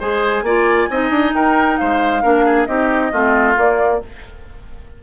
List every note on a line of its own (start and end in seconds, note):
0.00 0.43 G#3
0.00 0.45 G#4
0.00 0.44 C5
0.00 1.35 G#5
0.43 0.87 A#3
0.43 0.91 F4
0.43 0.90 D5
0.90 1.10 C4
0.90 2.23 D#4
0.90 1.35 D#5
1.10 1.32 D4
1.34 1.79 D#4
1.34 1.80 A#4
1.34 1.78 G5
1.78 2.24 G#3
1.78 2.23 C5
1.78 2.66 F5
2.23 2.67 A#3
2.23 2.67 D4
2.23 2.45 A#4
2.46 2.68 G#4
2.66 3.12 C4
2.66 3.12 D#4
2.66 3.12 G4
2.66 3.55 D#5
3.12 3.57 A3
3.12 3.55 C4
3.12 4.01 F4
3.55 4.00 A#3
3.55 4.01 A#3
3.55 4.03 D5